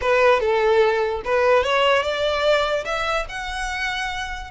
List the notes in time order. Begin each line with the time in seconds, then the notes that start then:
0.01 B4
0.40 A4
1.24 B4
1.63 C#5
2.03 D5
2.84 E5
3.28 F#5